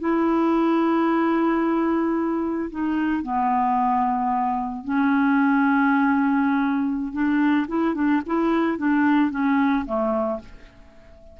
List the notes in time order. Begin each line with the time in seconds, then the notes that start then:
0.00 E4
2.71 D#4
3.23 B3
4.85 C#4
7.13 D4
7.68 E4
7.95 D4
8.26 E4
8.78 D4
9.31 C#4
9.86 A3